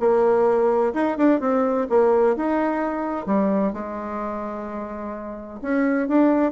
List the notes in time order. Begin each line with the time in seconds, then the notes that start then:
0.00 A#3
0.94 D#4
1.18 D4
1.41 C4
1.90 A#3
2.36 D#4
3.27 G3
3.73 G#3
5.62 C#4
6.09 D4